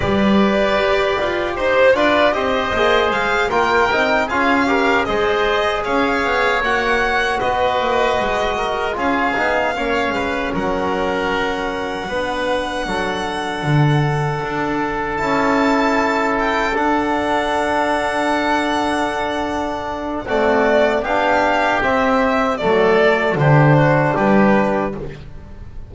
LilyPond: <<
  \new Staff \with { instrumentName = "violin" } { \time 4/4 \tempo 4 = 77 d''2 c''8 d''8 dis''4 | f''8 g''4 f''4 dis''4 f''8~ | f''8 fis''4 dis''2 f''8~ | f''4. fis''2~ fis''8~ |
fis''2.~ fis''8 a''8~ | a''4 g''8 fis''2~ fis''8~ | fis''2 d''4 f''4 | e''4 d''4 c''4 b'4 | }
  \new Staff \with { instrumentName = "oboe" } { \time 4/4 b'2 c''8 b'8 c''4~ | c''8 ais'4 gis'8 ais'8 c''4 cis''8~ | cis''4. b'4. ais'8 gis'8~ | gis'8 cis''8 b'8 ais'2 b'8~ |
b'8 a'2.~ a'8~ | a'1~ | a'2 fis'4 g'4~ | g'4 a'4 g'8 fis'8 g'4 | }
  \new Staff \with { instrumentName = "trombone" } { \time 4/4 g'2~ g'8 f'8 g'8 gis'8~ | gis'8 f'8 dis'8 f'8 g'8 gis'4.~ | gis'8 fis'2. f'8 | dis'8 cis'2. d'8~ |
d'2.~ d'8 e'8~ | e'4. d'2~ d'8~ | d'2 a4 d'4 | c'4 a4 d'2 | }
  \new Staff \with { instrumentName = "double bass" } { \time 4/4 g4 g'8 f'8 dis'8 d'8 c'8 ais8 | gis8 ais8 c'8 cis'4 gis4 cis'8 | b8 ais4 b8 ais8 gis4 cis'8 | b8 ais8 gis8 fis2 b8~ |
b8 fis4 d4 d'4 cis'8~ | cis'4. d'2~ d'8~ | d'2 c'4 b4 | c'4 fis4 d4 g4 | }
>>